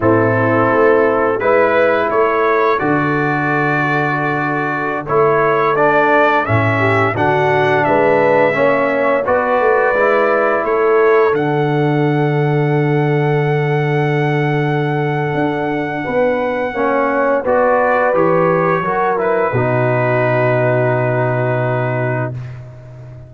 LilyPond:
<<
  \new Staff \with { instrumentName = "trumpet" } { \time 4/4 \tempo 4 = 86 a'2 b'4 cis''4 | d''2.~ d''16 cis''8.~ | cis''16 d''4 e''4 fis''4 e''8.~ | e''4~ e''16 d''2 cis''8.~ |
cis''16 fis''2.~ fis''8.~ | fis''1~ | fis''4 d''4 cis''4. b'8~ | b'1 | }
  \new Staff \with { instrumentName = "horn" } { \time 4/4 e'2 b'4 a'4~ | a'1~ | a'4.~ a'16 g'8 fis'4 b'8.~ | b'16 cis''4 b'2 a'8.~ |
a'1~ | a'2. b'4 | cis''4 b'2 ais'4 | fis'1 | }
  \new Staff \with { instrumentName = "trombone" } { \time 4/4 c'2 e'2 | fis'2.~ fis'16 e'8.~ | e'16 d'4 cis'4 d'4.~ d'16~ | d'16 cis'4 fis'4 e'4.~ e'16~ |
e'16 d'2.~ d'8.~ | d'1 | cis'4 fis'4 g'4 fis'8 e'8 | dis'1 | }
  \new Staff \with { instrumentName = "tuba" } { \time 4/4 a,4 a4 gis4 a4 | d2.~ d16 a8.~ | a4~ a16 a,4 d4 gis8.~ | gis16 ais4 b8 a8 gis4 a8.~ |
a16 d2.~ d8.~ | d2 d'4 b4 | ais4 b4 e4 fis4 | b,1 | }
>>